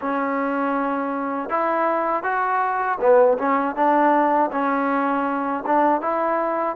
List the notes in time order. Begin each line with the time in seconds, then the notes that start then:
0.01 C#4
1.49 E4
2.23 F#4
3.00 B3
3.38 C#4
3.75 D4
4.51 C#4
5.66 D4
6.01 E4